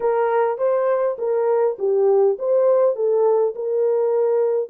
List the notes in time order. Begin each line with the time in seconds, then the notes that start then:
0.00 A#4
0.57 C5
1.18 A#4
1.78 G4
2.38 C5
2.95 A4
3.55 A#4